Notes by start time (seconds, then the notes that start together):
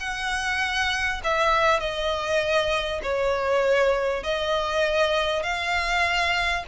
0.00 F#5
1.24 E5
1.80 D#5
3.03 C#5
4.23 D#5
5.43 F5